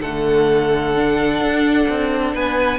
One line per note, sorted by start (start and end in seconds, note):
0.00 1.40 D3
0.00 0.96 A3
0.00 2.35 A4
0.00 2.34 F#5
0.96 2.79 D4
1.40 1.87 D4
1.89 2.34 C4
2.34 2.79 B3
2.34 2.79 B4
2.34 2.79 G#5